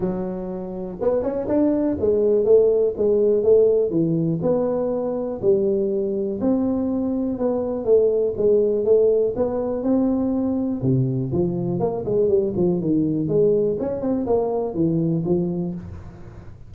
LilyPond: \new Staff \with { instrumentName = "tuba" } { \time 4/4 \tempo 4 = 122 fis2 b8 cis'8 d'4 | gis4 a4 gis4 a4 | e4 b2 g4~ | g4 c'2 b4 |
a4 gis4 a4 b4 | c'2 c4 f4 | ais8 gis8 g8 f8 dis4 gis4 | cis'8 c'8 ais4 e4 f4 | }